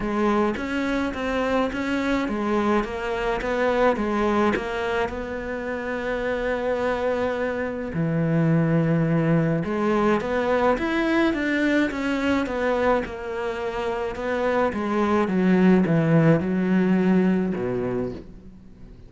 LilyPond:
\new Staff \with { instrumentName = "cello" } { \time 4/4 \tempo 4 = 106 gis4 cis'4 c'4 cis'4 | gis4 ais4 b4 gis4 | ais4 b2.~ | b2 e2~ |
e4 gis4 b4 e'4 | d'4 cis'4 b4 ais4~ | ais4 b4 gis4 fis4 | e4 fis2 b,4 | }